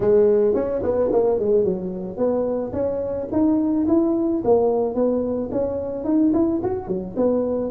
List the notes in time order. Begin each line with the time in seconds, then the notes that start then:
0.00 G#3
0.54 C#4
0.83 B3
1.12 A#3
1.39 G#3
1.63 F#3
2.17 B3
2.72 C#4
3.32 D#4
3.87 E4
4.44 A#3
4.94 B3
5.51 C#4
6.04 D#4
6.33 E4
6.63 F#4
6.87 F#3
7.16 B3